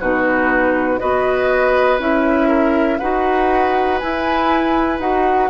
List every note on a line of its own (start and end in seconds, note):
0.00 1.00 B2
0.00 0.99 D#4
0.00 1.00 F#4
0.00 0.99 B4
0.99 1.99 B3
0.99 1.99 F#4
0.99 2.48 B4
0.99 1.99 D#5
1.99 2.99 C#4
1.99 2.99 E4
1.99 2.98 E5
2.48 2.98 A#4
2.98 4.02 D#4
2.98 4.01 F#4
2.98 5.49 B4
2.98 3.98 F#5
3.99 4.99 E4
3.99 4.99 G#5
4.99 5.49 D#4
4.99 5.49 F#4
4.99 5.50 F#5